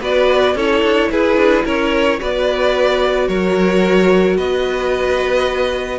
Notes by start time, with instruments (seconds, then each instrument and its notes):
0.00 cello B3, viola F#4, violin B4 D5
0.54 cello C#4, viola E4, violin A4 C#5
0.82 cello D4
1.11 cello E4, violin G#4 B4
1.36 cello D4
1.64 cello C#4, violin A#4 C#5
2.18 cello B3, viola F#4, violin B4 D5
3.27 cello F#3, violin A#4 C#5
4.36 cello B3, violin B4 D#5